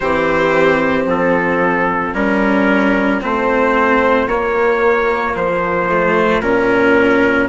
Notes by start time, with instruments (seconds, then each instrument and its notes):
0.00 bassoon E3, cello C4, violin G4, trumpet C5
1.05 bassoon F3, violin F4, trumpet A4
2.13 bassoon G3, cello C#4, trumpet A#4
3.21 bassoon A3, cello C4, trumpet C5
4.27 bassoon A#3, cello A#3, trumpet C#5
5.35 bassoon F3, trumpet C5
5.89 cello A3
6.41 bassoon A#2, cello C#4, trumpet A#4